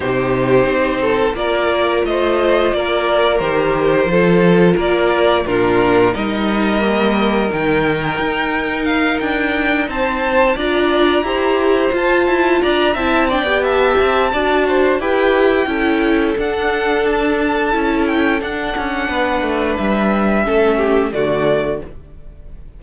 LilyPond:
<<
  \new Staff \with { instrumentName = "violin" } { \time 4/4 \tempo 4 = 88 c''2 d''4 dis''4 | d''4 c''2 d''4 | ais'4 dis''2 g''4~ | g''4 f''8 g''4 a''4 ais''8~ |
ais''4. a''4 ais''8 a''8 g''8 | a''2 g''2 | fis''4 a''4. g''8 fis''4~ | fis''4 e''2 d''4 | }
  \new Staff \with { instrumentName = "violin" } { \time 4/4 g'4. a'8 ais'4 c''4 | ais'2 a'4 ais'4 | f'4 ais'2.~ | ais'2~ ais'8 c''4 d''8~ |
d''8 c''2 d''8 e''8 d''8 | e''4 d''8 c''8 b'4 a'4~ | a'1 | b'2 a'8 g'8 fis'4 | }
  \new Staff \with { instrumentName = "viola" } { \time 4/4 dis'2 f'2~ | f'4 g'4 f'2 | d'4 dis'4 ais4 dis'4~ | dis'2.~ dis'8 f'8~ |
f'8 g'4 f'4. e'8 d'16 g'16~ | g'4 fis'4 g'4 e'4 | d'2 e'4 d'4~ | d'2 cis'4 a4 | }
  \new Staff \with { instrumentName = "cello" } { \time 4/4 c4 c'4 ais4 a4 | ais4 dis4 f4 ais4 | ais,4 g2 dis4 | dis'4. d'4 c'4 d'8~ |
d'8 e'4 f'8 e'8 d'8 c'8. b16~ | b8 c'8 d'4 e'4 cis'4 | d'2 cis'4 d'8 cis'8 | b8 a8 g4 a4 d4 | }
>>